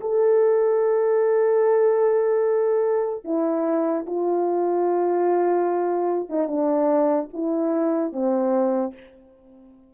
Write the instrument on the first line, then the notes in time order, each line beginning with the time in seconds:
horn
0.00 A4
3.24 E4
4.06 F4
6.29 D#4
6.47 D4
7.33 E4
8.12 C4